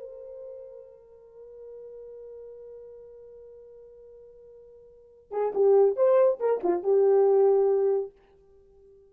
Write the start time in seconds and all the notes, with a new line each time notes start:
0.00 A#4
5.32 G#4
5.55 G4
5.97 C5
6.40 A#4
6.64 F4
6.84 G4